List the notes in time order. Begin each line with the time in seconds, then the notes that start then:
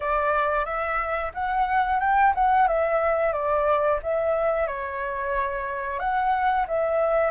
0.00 D5
0.65 E5
1.34 F#5
2.00 G5
2.34 F#5
2.67 E5
3.32 D5
4.02 E5
4.67 C#5
5.99 F#5
6.67 E5